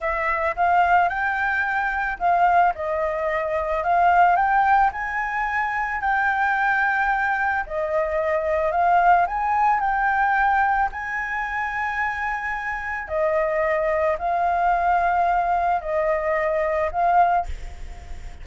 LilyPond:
\new Staff \with { instrumentName = "flute" } { \time 4/4 \tempo 4 = 110 e''4 f''4 g''2 | f''4 dis''2 f''4 | g''4 gis''2 g''4~ | g''2 dis''2 |
f''4 gis''4 g''2 | gis''1 | dis''2 f''2~ | f''4 dis''2 f''4 | }